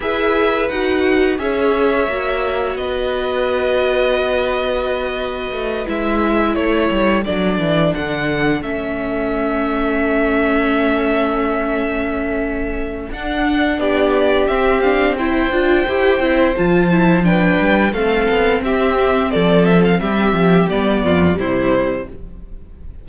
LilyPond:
<<
  \new Staff \with { instrumentName = "violin" } { \time 4/4 \tempo 4 = 87 e''4 fis''4 e''2 | dis''1~ | dis''8 e''4 cis''4 d''4 fis''8~ | fis''8 e''2.~ e''8~ |
e''2. fis''4 | d''4 e''8 f''8 g''2 | a''4 g''4 f''4 e''4 | d''8 e''16 f''16 e''4 d''4 c''4 | }
  \new Staff \with { instrumentName = "violin" } { \time 4/4 b'2 cis''2 | b'1~ | b'4. a'2~ a'8~ | a'1~ |
a'1 | g'2 c''2~ | c''4 b'4 a'4 g'4 | a'4 g'4. f'8 e'4 | }
  \new Staff \with { instrumentName = "viola" } { \time 4/4 gis'4 fis'4 gis'4 fis'4~ | fis'1~ | fis'8 e'2 d'4.~ | d'8 cis'2.~ cis'8~ |
cis'2. d'4~ | d'4 c'8 d'8 e'8 f'8 g'8 e'8 | f'8 e'8 d'4 c'2~ | c'2 b4 g4 | }
  \new Staff \with { instrumentName = "cello" } { \time 4/4 e'4 dis'4 cis'4 ais4 | b1 | a8 gis4 a8 g8 fis8 e8 d8~ | d8 a2.~ a8~ |
a2. d'4 | b4 c'4. d'8 e'8 c'8 | f4. g8 a8 b8 c'4 | f4 g8 f8 g8 f,8 c4 | }
>>